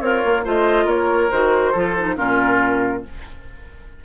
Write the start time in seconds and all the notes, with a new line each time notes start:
0.00 C4 F4 A#4 C#5
0.24 A#3
0.44 A3 F4 C5 D#5
0.85 A#3 A#4 C#5
1.30 D#3 F#4 C5
1.71 F3 F4 A4
1.98 D#4
2.16 A#2 C#4 F4 A#4